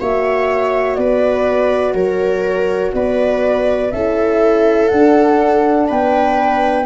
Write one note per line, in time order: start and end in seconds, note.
0.00 0.97 A#3
0.00 3.93 F#4
0.00 0.99 C#5
0.00 0.95 E5
0.95 1.94 B3
0.95 1.95 B4
0.95 1.94 D5
1.94 2.92 F#3
1.94 2.93 A#4
1.94 2.93 C#5
2.93 3.92 B3
2.93 3.94 B4
2.93 3.91 D5
3.91 4.91 C#4
3.91 4.91 E4
3.91 5.88 A4
3.91 4.88 E5
4.88 5.90 D4
4.88 6.86 D4
4.88 5.86 F#5
5.88 6.86 B3
5.88 6.86 B4
5.88 6.86 G5